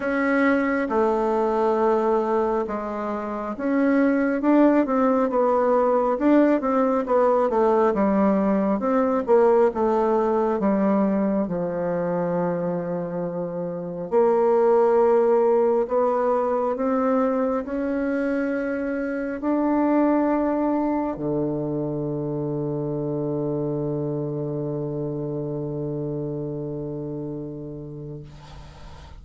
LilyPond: \new Staff \with { instrumentName = "bassoon" } { \time 4/4 \tempo 4 = 68 cis'4 a2 gis4 | cis'4 d'8 c'8 b4 d'8 c'8 | b8 a8 g4 c'8 ais8 a4 | g4 f2. |
ais2 b4 c'4 | cis'2 d'2 | d1~ | d1 | }